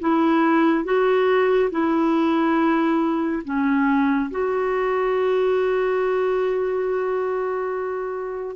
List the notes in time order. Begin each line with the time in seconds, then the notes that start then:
0.00 E4
0.85 F#4
1.71 E4
3.45 C#4
4.31 F#4